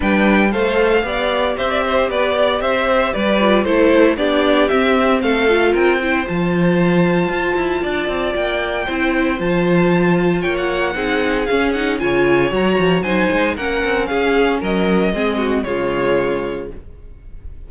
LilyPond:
<<
  \new Staff \with { instrumentName = "violin" } { \time 4/4 \tempo 4 = 115 g''4 f''2 e''4 | d''4 e''4 d''4 c''4 | d''4 e''4 f''4 g''4 | a''1 |
g''2 a''2 | g''16 fis''4.~ fis''16 f''8 fis''8 gis''4 | ais''4 gis''4 fis''4 f''4 | dis''2 cis''2 | }
  \new Staff \with { instrumentName = "violin" } { \time 4/4 b'4 c''4 d''4 c''16 d''16 c''8 | b'8 d''8 c''4 b'4 a'4 | g'2 a'4 ais'8 c''8~ | c''2. d''4~ |
d''4 c''2. | cis''4 gis'2 cis''4~ | cis''4 c''4 ais'4 gis'4 | ais'4 gis'8 fis'8 f'2 | }
  \new Staff \with { instrumentName = "viola" } { \time 4/4 d'4 a'4 g'2~ | g'2~ g'8 f'8 e'4 | d'4 c'4. f'4 e'8 | f'1~ |
f'4 e'4 f'2~ | f'4 dis'4 cis'8 dis'8 f'4 | fis'4 dis'4 cis'2~ | cis'4 c'4 gis2 | }
  \new Staff \with { instrumentName = "cello" } { \time 4/4 g4 a4 b4 c'4 | b4 c'4 g4 a4 | b4 c'4 a4 c'4 | f2 f'8 e'8 d'8 c'8 |
ais4 c'4 f2 | ais4 c'4 cis'4 cis4 | fis8 f8 fis8 gis8 ais8 c'8 cis'4 | fis4 gis4 cis2 | }
>>